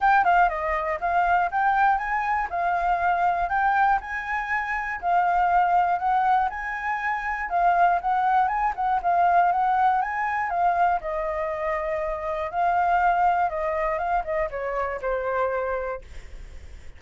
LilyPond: \new Staff \with { instrumentName = "flute" } { \time 4/4 \tempo 4 = 120 g''8 f''8 dis''4 f''4 g''4 | gis''4 f''2 g''4 | gis''2 f''2 | fis''4 gis''2 f''4 |
fis''4 gis''8 fis''8 f''4 fis''4 | gis''4 f''4 dis''2~ | dis''4 f''2 dis''4 | f''8 dis''8 cis''4 c''2 | }